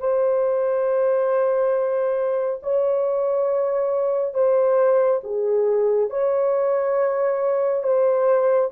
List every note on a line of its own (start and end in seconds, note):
0.00 2.61 C5
2.63 4.34 C#5
4.34 5.21 C5
5.24 6.10 G#4
6.10 7.84 C#5
7.84 8.71 C5